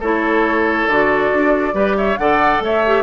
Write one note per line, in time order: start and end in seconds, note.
0.00 0.88 A3
0.00 0.91 E4
0.00 1.75 A4
0.00 0.88 C#5
0.88 1.32 D3
0.88 1.73 F#4
0.88 1.97 D5
1.34 1.74 D4
1.73 2.18 G3
1.73 2.17 G4
1.73 1.97 B4
1.98 2.20 C#5
1.98 2.18 E5
2.18 2.60 D3
2.18 2.85 A4
2.18 2.64 D5
2.18 2.62 F#5
2.60 3.03 A3
2.60 3.03 C#5
2.60 3.03 E5
2.86 3.03 G4